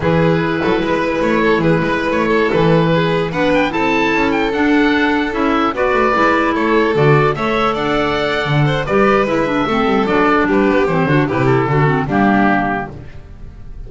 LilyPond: <<
  \new Staff \with { instrumentName = "oboe" } { \time 4/4 \tempo 4 = 149 b'2. cis''4 | b'4~ b'16 cis''4 b'4.~ b'16~ | b'16 fis''8 g''8 a''4. g''8 fis''8.~ | fis''4~ fis''16 e''4 d''4.~ d''16~ |
d''16 cis''4 d''4 e''4 fis''8.~ | fis''2 d''4 e''4~ | e''4 d''4 b'4 c''4 | b'8 a'4. g'2 | }
  \new Staff \with { instrumentName = "violin" } { \time 4/4 gis'4. a'8 b'4. a'8 | gis'8 b'4~ b'16 a'4. gis'8.~ | gis'16 b'4 a'2~ a'8.~ | a'2~ a'16 b'4.~ b'16~ |
b'16 a'2 cis''4 d''8.~ | d''4. c''8 b'2 | a'2 g'4. fis'8 | g'4 fis'4 d'2 | }
  \new Staff \with { instrumentName = "clarinet" } { \time 4/4 e'1~ | e'1~ | e'16 d'4 e'2 d'8.~ | d'4~ d'16 e'4 fis'4 e'8.~ |
e'4~ e'16 fis'4 a'4.~ a'16~ | a'2 g'4 e'8 d'8 | c'4 d'2 c'8 d'8 | e'4 d'8 c'8 ais2 | }
  \new Staff \with { instrumentName = "double bass" } { \time 4/4 e4. fis8 gis4 a4 | e8 gis8. a4 e4.~ e16~ | e16 b4 c'4 cis'4 d'8.~ | d'4~ d'16 cis'4 b8 a8 gis8.~ |
gis16 a4 d4 a4 d'8.~ | d'4 d4 g4 gis4 | a8 g8 fis4 g8 b8 e8 d8 | c4 d4 g2 | }
>>